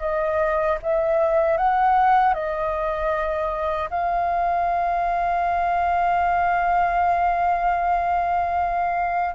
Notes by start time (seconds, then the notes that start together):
0.00 D#5
0.82 E5
1.57 F#5
2.33 D#5
3.90 F5